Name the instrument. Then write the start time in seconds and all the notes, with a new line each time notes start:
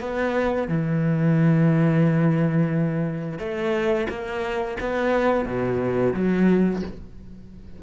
cello
0.00 B3
0.68 E3
3.39 A3
4.09 A#3
4.80 B3
5.45 B2
6.14 F#3